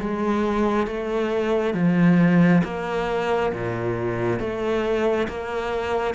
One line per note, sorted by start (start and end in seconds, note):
0.00 0.87 G#3
0.87 1.74 A3
1.74 2.62 F3
2.64 3.52 A#3
3.53 4.39 A#2
4.39 5.27 A3
5.28 6.14 A#3